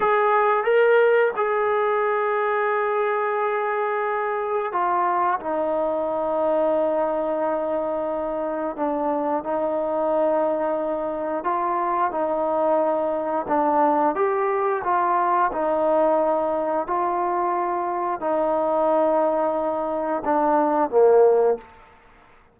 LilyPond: \new Staff \with { instrumentName = "trombone" } { \time 4/4 \tempo 4 = 89 gis'4 ais'4 gis'2~ | gis'2. f'4 | dis'1~ | dis'4 d'4 dis'2~ |
dis'4 f'4 dis'2 | d'4 g'4 f'4 dis'4~ | dis'4 f'2 dis'4~ | dis'2 d'4 ais4 | }